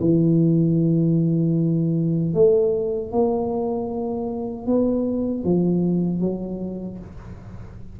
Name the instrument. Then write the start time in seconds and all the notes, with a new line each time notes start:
tuba
0.00 E3
2.33 A3
3.11 A#3
4.66 B3
5.44 F3
6.20 F#3